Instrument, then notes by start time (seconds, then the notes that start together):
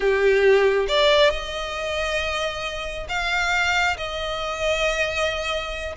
violin
0.00 G4
0.87 D5
1.30 D#5
3.08 F5
3.97 D#5